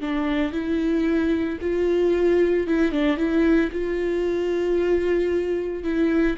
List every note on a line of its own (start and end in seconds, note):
0.00 0.52 D4
0.52 1.58 E4
1.61 2.67 F4
2.67 2.91 E4
2.91 3.16 D4
3.16 3.70 E4
3.71 5.83 F4
5.83 6.36 E4